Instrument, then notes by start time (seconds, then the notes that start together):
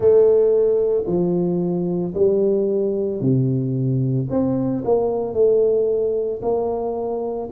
tuba
0.00 A3
1.06 F3
2.14 G3
3.20 C3
4.30 C4
4.85 A#3
5.33 A3
6.42 A#3